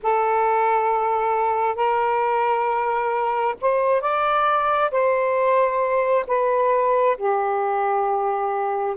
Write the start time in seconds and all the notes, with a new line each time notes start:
0.02 A4
1.75 A#4
3.61 C5
4.01 D5
4.91 C5
6.27 B4
7.16 G4